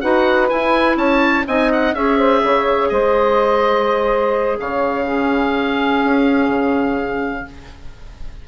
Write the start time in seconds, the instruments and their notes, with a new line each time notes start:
0.00 bassoon D#4, clarinet F#4, saxophone B4, oboe F#5
0.48 clarinet E4, bassoon E4, oboe G#5
0.96 bassoon C#4, saxophone C#5, oboe A5
1.47 bassoon C4, clarinet D#4, saxophone D#5, oboe G#5
1.72 oboe F#5
1.93 bassoon C#4, clarinet G#4, saxophone C#5, oboe E5
2.17 saxophone C5
2.43 bassoon C#3, saxophone C#5
2.89 bassoon G#3, saxophone C5, oboe D#5
4.58 bassoon C#3, saxophone C#5, oboe F5
5.04 clarinet C#4, saxophone G#4
6.04 bassoon C#4
6.48 bassoon C#3